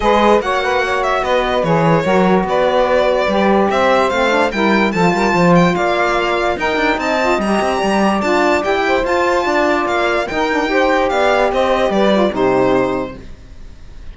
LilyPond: <<
  \new Staff \with { instrumentName = "violin" } { \time 4/4 \tempo 4 = 146 dis''4 fis''4. e''8 dis''4 | cis''2 d''2~ | d''4 e''4 f''4 g''4 | a''4. g''8 f''2 |
g''4 a''4 ais''2 | a''4 g''4 a''2 | f''4 g''2 f''4 | dis''4 d''4 c''2 | }
  \new Staff \with { instrumentName = "saxophone" } { \time 4/4 b'4 cis''8 b'8 cis''4 b'4~ | b'4 ais'4 b'2~ | b'4 c''2 ais'4 | a'8 ais'8 c''4 d''2 |
ais'4 dis''2 d''4~ | d''4. c''4. d''4~ | d''4 ais'4 c''4 d''4 | c''4 b'4 g'2 | }
  \new Staff \with { instrumentName = "saxophone" } { \time 4/4 gis'4 fis'2. | gis'4 fis'2. | g'2 c'8 d'8 e'4 | f'1 |
dis'4. f'8 g'2 | f'4 g'4 f'2~ | f'4 dis'8 d'8 g'2~ | g'4. f'8 dis'2 | }
  \new Staff \with { instrumentName = "cello" } { \time 4/4 gis4 ais2 b4 | e4 fis4 b2 | g4 c'4 a4 g4 | f8 g8 f4 ais2 |
dis'8 d'8 c'4 g8 c'8 g4 | d'4 e'4 f'4 d'4 | ais4 dis'2 b4 | c'4 g4 c2 | }
>>